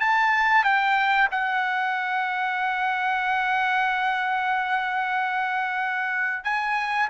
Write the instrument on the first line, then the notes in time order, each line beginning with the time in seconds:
trumpet
0.00 A5
0.64 G5
1.31 F#5
6.44 G#5